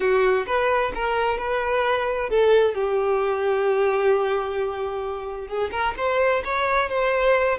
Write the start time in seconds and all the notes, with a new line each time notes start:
0.00 F#4
0.46 B4
0.94 A#4
1.37 B4
2.29 A4
2.74 G4
5.47 G#4
5.71 A#4
5.97 C5
6.44 C#5
6.89 C5